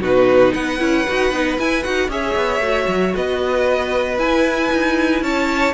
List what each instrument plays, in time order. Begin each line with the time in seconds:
0.00 cello B2, viola D#4, violin F#4 B4
0.52 cello B3, violin B4 F#5
0.79 cello C#4, viola E4
1.08 cello D#4, viola F#4
1.31 cello B3, viola D#4
1.58 viola E4, cello E4, violin G#5
1.83 cello D#4, viola F#4, violin F#5
2.08 cello C#4, viola G#4, violin C#5 E5
2.35 cello B3
2.59 cello A3, viola F#4
2.87 cello F#3
3.15 cello B3, violin B4 D#5
4.18 viola E4, cello E4, violin G#5
4.72 cello D#4
5.21 cello C#4, violin C#5 A5